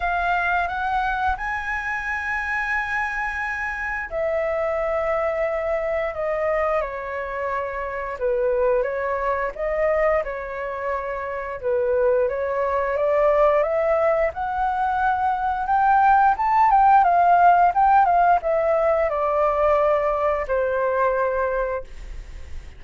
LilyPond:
\new Staff \with { instrumentName = "flute" } { \time 4/4 \tempo 4 = 88 f''4 fis''4 gis''2~ | gis''2 e''2~ | e''4 dis''4 cis''2 | b'4 cis''4 dis''4 cis''4~ |
cis''4 b'4 cis''4 d''4 | e''4 fis''2 g''4 | a''8 g''8 f''4 g''8 f''8 e''4 | d''2 c''2 | }